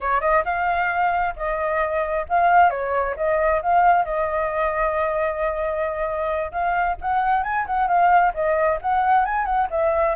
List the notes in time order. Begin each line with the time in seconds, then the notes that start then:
0.00 C#5
0.21 D#5
0.44 F5
1.35 D#5
2.28 F5
2.69 C#5
3.16 D#5
3.62 F5
4.04 D#5
6.51 F5
7.01 F#5
7.43 G#5
7.66 F#5
7.87 F5
8.34 D#5
8.81 F#5
9.25 G#5
9.45 F#5
9.70 E5